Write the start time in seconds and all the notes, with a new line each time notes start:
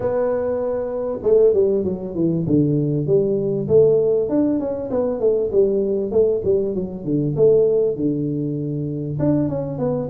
0.00 B3
1.22 A3
1.53 G3
1.84 F#3
2.15 E3
2.47 D3
3.06 G3
3.68 A3
4.29 D4
4.59 C#4
4.90 B3
5.20 A3
5.52 G3
6.11 A3
6.44 G3
6.75 F#3
7.04 D3
7.36 A3
7.96 D3
9.19 D4
9.48 C#4
9.78 B3